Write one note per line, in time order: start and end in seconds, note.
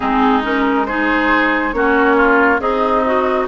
0.00 1.73 G#3
0.00 0.43 C4
0.00 0.86 D#4
0.00 0.41 G#4
0.43 0.86 C#4
0.43 0.86 A#4
0.86 1.73 D#4
0.86 1.75 G#4
0.86 1.72 C5
1.72 2.60 A#3
1.72 2.59 C#4
1.72 2.16 F#4
1.72 2.59 C#5
2.16 2.60 F4
2.59 3.47 C4
2.59 3.47 D#4
2.59 3.02 G#4
2.59 3.46 D#5
3.05 3.47 F#4